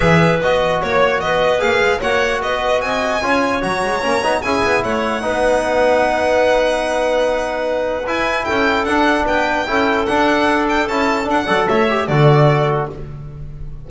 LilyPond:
<<
  \new Staff \with { instrumentName = "violin" } { \time 4/4 \tempo 4 = 149 e''4 dis''4 cis''4 dis''4 | f''4 fis''4 dis''4 gis''4~ | gis''4 ais''2 gis''4 | fis''1~ |
fis''1 | gis''4 g''4 fis''4 g''4~ | g''4 fis''4. g''8 a''4 | fis''4 e''4 d''2 | }
  \new Staff \with { instrumentName = "clarinet" } { \time 4/4 b'2 cis''4 b'4~ | b'4 cis''4 b'4 dis''4 | cis''2. gis'4 | cis''4 b'2.~ |
b'1~ | b'4 a'2 b'4 | a'1~ | a'8 d''8 cis''4 a'2 | }
  \new Staff \with { instrumentName = "trombone" } { \time 4/4 gis'4 fis'2. | gis'4 fis'2. | f'4 fis'4 cis'8 dis'8 e'4~ | e'4 dis'2.~ |
dis'1 | e'2 d'2 | e'4 d'2 e'4 | d'8 a'4 g'8 fis'2 | }
  \new Staff \with { instrumentName = "double bass" } { \time 4/4 e4 b4 ais4 b4 | ais8 gis8 ais4 b4 c'4 | cis'4 fis8 gis8 ais8 b8 cis'8 b8 | a4 b2.~ |
b1 | e'4 cis'4 d'4 b4 | cis'4 d'2 cis'4 | d'8 fis8 a4 d2 | }
>>